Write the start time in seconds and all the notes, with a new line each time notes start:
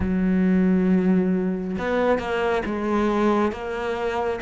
0.00 F#3
1.78 B3
2.18 A#3
2.65 G#3
3.51 A#3